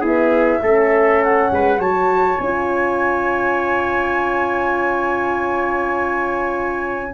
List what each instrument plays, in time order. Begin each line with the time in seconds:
0.00 horn B3, tuba E4, trumpet G#4, flute E5
0.62 tuba A3, horn C#4, trumpet A4
1.23 flute F#5
1.51 tuba G#3, trumpet B4
1.79 tuba F#3, horn F#4, trumpet C#5, flute A5
2.39 tuba C#4, horn F4, flute G#5